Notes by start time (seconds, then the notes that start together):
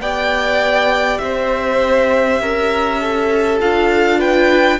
0.00 B3 G4 D5 G5
1.18 C4 C5 E5
2.40 C#4 A#4
3.00 A4
3.60 D4 F4 F5
4.19 B4 G5